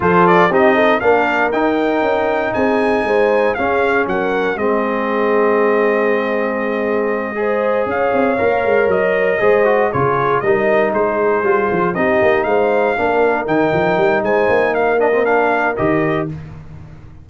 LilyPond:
<<
  \new Staff \with { instrumentName = "trumpet" } { \time 4/4 \tempo 4 = 118 c''8 d''8 dis''4 f''4 g''4~ | g''4 gis''2 f''4 | fis''4 dis''2.~ | dis''2.~ dis''8 f''8~ |
f''4. dis''2 cis''8~ | cis''8 dis''4 c''2 dis''8~ | dis''8 f''2 g''4. | gis''4 f''8 dis''8 f''4 dis''4 | }
  \new Staff \with { instrumentName = "horn" } { \time 4/4 a'4 g'8 a'8 ais'2~ | ais'4 gis'4 c''4 gis'4 | ais'4 gis'2.~ | gis'2~ gis'8 c''4 cis''8~ |
cis''2~ cis''8 c''4 gis'8~ | gis'8 ais'4 gis'2 g'8~ | g'8 c''4 ais'2~ ais'8 | c''4 ais'2. | }
  \new Staff \with { instrumentName = "trombone" } { \time 4/4 f'4 dis'4 d'4 dis'4~ | dis'2. cis'4~ | cis'4 c'2.~ | c'2~ c'8 gis'4.~ |
gis'8 ais'2 gis'8 fis'8 f'8~ | f'8 dis'2 f'4 dis'8~ | dis'4. d'4 dis'4.~ | dis'4. d'16 c'16 d'4 g'4 | }
  \new Staff \with { instrumentName = "tuba" } { \time 4/4 f4 c'4 ais4 dis'4 | cis'4 c'4 gis4 cis'4 | fis4 gis2.~ | gis2.~ gis8 cis'8 |
c'8 ais8 gis8 fis4 gis4 cis8~ | cis8 g4 gis4 g8 f8 c'8 | ais8 gis4 ais4 dis8 f8 g8 | gis8 ais2~ ais8 dis4 | }
>>